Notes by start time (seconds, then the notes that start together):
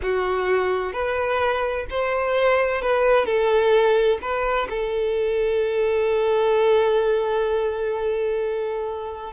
0.02 F#4
0.92 B4
1.89 C5
2.81 B4
3.25 A4
4.21 B4
4.69 A4